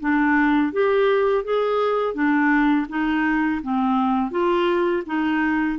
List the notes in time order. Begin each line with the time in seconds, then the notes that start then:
0.00 D4
0.72 G4
1.44 G#4
2.14 D4
2.88 D#4
3.62 C4
4.30 F4
5.06 D#4